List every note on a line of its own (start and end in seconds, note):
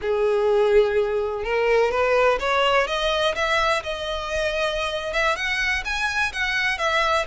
0.01 1.44 G#4
1.44 1.91 A#4
1.91 2.38 B4
2.39 2.87 C#5
2.87 3.34 D#5
3.35 3.82 E5
3.83 5.13 D#5
5.13 5.35 E5
5.35 5.83 F#5
5.84 6.32 G#5
6.32 6.77 F#5
6.77 7.25 E5